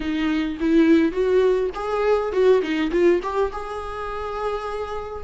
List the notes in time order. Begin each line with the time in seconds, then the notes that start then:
0.00 D#4
0.60 E4
1.11 F#4
1.74 G#4
2.32 F#4
2.61 D#4
2.91 F4
3.22 G4
3.52 G#4